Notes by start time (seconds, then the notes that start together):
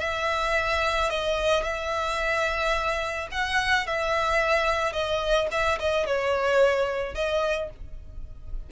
0.00 E5
1.10 D#5
1.63 E5
3.32 F#5
3.87 E5
4.93 D#5
5.51 E5
5.80 D#5
6.07 C#5
7.15 D#5